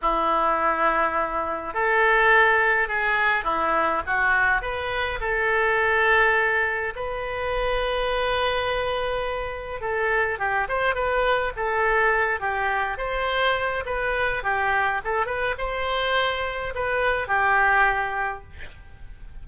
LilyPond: \new Staff \with { instrumentName = "oboe" } { \time 4/4 \tempo 4 = 104 e'2. a'4~ | a'4 gis'4 e'4 fis'4 | b'4 a'2. | b'1~ |
b'4 a'4 g'8 c''8 b'4 | a'4. g'4 c''4. | b'4 g'4 a'8 b'8 c''4~ | c''4 b'4 g'2 | }